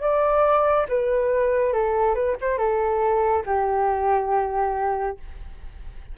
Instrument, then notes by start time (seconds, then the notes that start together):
flute
0.00 D5
0.88 B4
1.73 A4
2.14 B4
2.40 C5
2.57 A4
3.46 G4